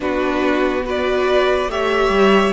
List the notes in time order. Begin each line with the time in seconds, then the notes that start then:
0.00 B3 D4 F#4 B4
0.84 F#4 B4 D5
1.67 A3 G4 C#5 E5
2.09 G3